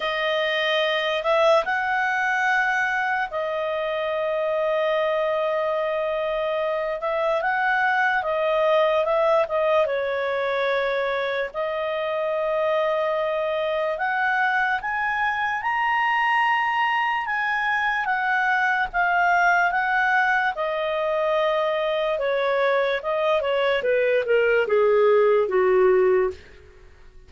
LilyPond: \new Staff \with { instrumentName = "clarinet" } { \time 4/4 \tempo 4 = 73 dis''4. e''8 fis''2 | dis''1~ | dis''8 e''8 fis''4 dis''4 e''8 dis''8 | cis''2 dis''2~ |
dis''4 fis''4 gis''4 ais''4~ | ais''4 gis''4 fis''4 f''4 | fis''4 dis''2 cis''4 | dis''8 cis''8 b'8 ais'8 gis'4 fis'4 | }